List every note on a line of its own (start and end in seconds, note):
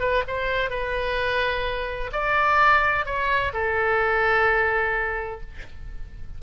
0.00 0.23 B4
0.27 0.70 C5
0.70 2.11 B4
2.12 3.06 D5
3.06 3.53 C#5
3.53 5.41 A4